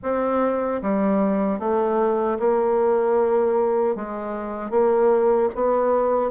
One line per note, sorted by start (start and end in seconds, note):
0.02 0.81 C4
0.81 1.59 G3
1.59 2.38 A3
2.39 3.95 A#3
3.95 4.70 G#3
4.70 5.49 A#3
5.54 6.31 B3